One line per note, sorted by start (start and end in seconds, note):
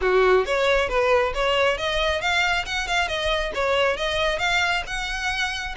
0.01 0.45 F#4
0.45 0.88 C#5
0.88 1.33 B4
1.34 1.77 C#5
1.77 2.21 D#5
2.21 2.65 F5
2.65 2.87 F#5
2.87 3.07 F5
3.07 3.52 D#5
3.54 3.96 C#5
3.96 4.39 D#5
4.39 4.83 F5
4.86 5.75 F#5